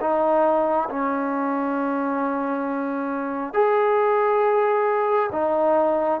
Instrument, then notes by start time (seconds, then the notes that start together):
trombone
0.00 D#4
0.89 C#4
3.53 G#4
5.32 D#4